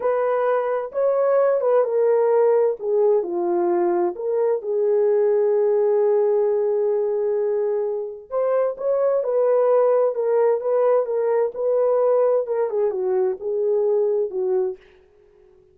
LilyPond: \new Staff \with { instrumentName = "horn" } { \time 4/4 \tempo 4 = 130 b'2 cis''4. b'8 | ais'2 gis'4 f'4~ | f'4 ais'4 gis'2~ | gis'1~ |
gis'2 c''4 cis''4 | b'2 ais'4 b'4 | ais'4 b'2 ais'8 gis'8 | fis'4 gis'2 fis'4 | }